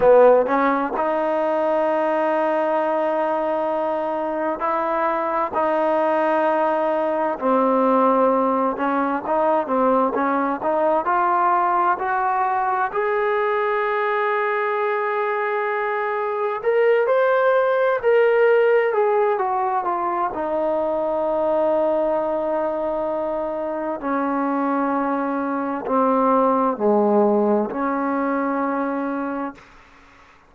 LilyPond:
\new Staff \with { instrumentName = "trombone" } { \time 4/4 \tempo 4 = 65 b8 cis'8 dis'2.~ | dis'4 e'4 dis'2 | c'4. cis'8 dis'8 c'8 cis'8 dis'8 | f'4 fis'4 gis'2~ |
gis'2 ais'8 c''4 ais'8~ | ais'8 gis'8 fis'8 f'8 dis'2~ | dis'2 cis'2 | c'4 gis4 cis'2 | }